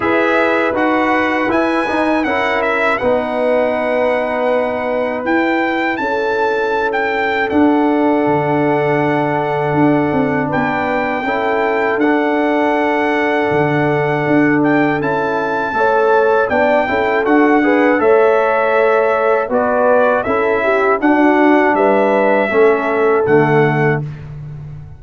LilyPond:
<<
  \new Staff \with { instrumentName = "trumpet" } { \time 4/4 \tempo 4 = 80 e''4 fis''4 gis''4 fis''8 e''8 | fis''2. g''4 | a''4~ a''16 g''8. fis''2~ | fis''2 g''2 |
fis''2.~ fis''8 g''8 | a''2 g''4 fis''4 | e''2 d''4 e''4 | fis''4 e''2 fis''4 | }
  \new Staff \with { instrumentName = "horn" } { \time 4/4 b'2. ais'4 | b'1 | a'1~ | a'2 b'4 a'4~ |
a'1~ | a'4 cis''4 d''8 a'4 b'8 | cis''2 b'4 a'8 g'8 | fis'4 b'4 a'2 | }
  \new Staff \with { instrumentName = "trombone" } { \time 4/4 gis'4 fis'4 e'8 dis'8 e'4 | dis'2. e'4~ | e'2 d'2~ | d'2. e'4 |
d'1 | e'4 a'4 d'8 e'8 fis'8 gis'8 | a'2 fis'4 e'4 | d'2 cis'4 a4 | }
  \new Staff \with { instrumentName = "tuba" } { \time 4/4 e'4 dis'4 e'8 dis'8 cis'4 | b2. e'4 | cis'2 d'4 d4~ | d4 d'8 c'8 b4 cis'4 |
d'2 d4 d'4 | cis'4 a4 b8 cis'8 d'4 | a2 b4 cis'4 | d'4 g4 a4 d4 | }
>>